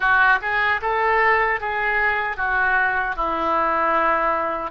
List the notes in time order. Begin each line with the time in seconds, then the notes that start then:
0.00 F#4
0.41 G#4
0.81 A4
1.60 G#4
2.36 F#4
3.16 E4